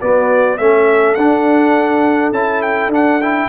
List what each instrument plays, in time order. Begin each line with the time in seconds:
0.00 trombone B3, tuba B3, horn F#4, trumpet D5
0.57 tuba A3, trombone C#4, horn A4, trumpet E5
1.14 tuba D4, trombone D4, trumpet F#5
2.31 tuba C#4, trombone E4, trumpet A5
2.62 trumpet G5
2.88 tuba D4, trombone D4, trumpet F#5
3.21 trombone E4, trumpet G5